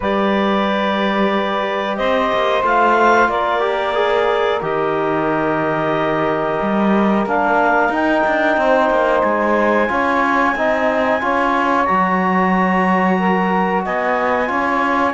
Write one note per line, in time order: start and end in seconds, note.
0.00 1.99 G3
0.00 2.63 G4
0.00 1.97 B4
0.00 1.96 D5
1.96 2.32 C4
1.96 3.29 C5
1.96 2.62 D#5
2.32 2.62 A#3
2.62 3.28 A3
2.62 3.60 F4
2.62 3.29 F5
3.28 4.60 A#3
3.28 8.57 A#4
3.28 4.61 D5
3.60 3.93 G4
3.94 4.60 G#4
4.61 6.59 D#3
4.61 7.25 G4
4.61 7.25 D#5
6.61 7.25 G3
7.25 7.88 A#3
7.25 7.91 D4
7.25 7.93 F5
7.88 8.21 D#4
7.88 9.88 D#4
7.88 9.21 G5
8.26 8.56 D4
8.56 8.89 C4
8.56 9.90 C5
8.89 9.22 A#3
9.21 9.89 G#3
9.21 11.85 G#5
9.88 10.55 C#4
9.88 10.54 F4
9.88 10.56 C#5
10.55 11.21 C4
10.55 11.20 D#4
10.55 11.22 D#5
11.20 11.88 C#4
11.20 11.86 F4
11.20 13.17 C#5
11.85 13.86 F#3
11.85 14.46 F#4
11.85 13.83 A#5
13.17 13.83 A#4
13.84 14.49 B3
13.84 14.50 D#5
13.84 15.14 G#5
14.46 15.14 C#4
14.46 15.12 F4
14.46 15.14 C#5